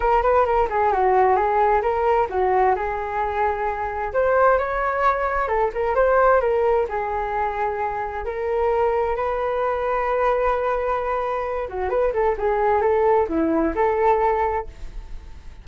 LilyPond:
\new Staff \with { instrumentName = "flute" } { \time 4/4 \tempo 4 = 131 ais'8 b'8 ais'8 gis'8 fis'4 gis'4 | ais'4 fis'4 gis'2~ | gis'4 c''4 cis''2 | a'8 ais'8 c''4 ais'4 gis'4~ |
gis'2 ais'2 | b'1~ | b'4. fis'8 b'8 a'8 gis'4 | a'4 e'4 a'2 | }